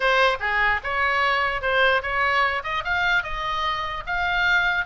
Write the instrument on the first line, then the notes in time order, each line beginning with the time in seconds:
oboe
0.00 C5
0.40 G#4
0.83 C#5
1.61 C5
2.02 C#5
2.63 D#5
2.84 F5
3.23 D#5
4.06 F5